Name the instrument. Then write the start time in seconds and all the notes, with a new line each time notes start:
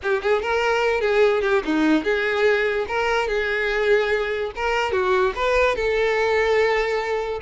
violin
0.02 G4
0.22 G#4
0.41 A#4
1.00 G#4
1.42 G4
1.65 D#4
2.03 G#4
2.88 A#4
3.28 G#4
4.55 A#4
4.91 F#4
5.35 B4
5.75 A4